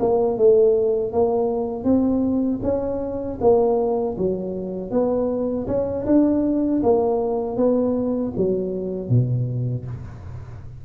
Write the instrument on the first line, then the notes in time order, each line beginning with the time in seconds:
tuba
0.00 A#3
0.38 A3
1.13 A#3
1.84 C4
2.63 C#4
3.41 A#3
4.18 F#3
4.92 B3
5.68 C#4
6.07 D4
6.84 A#3
7.57 B3
8.37 F#3
9.10 B2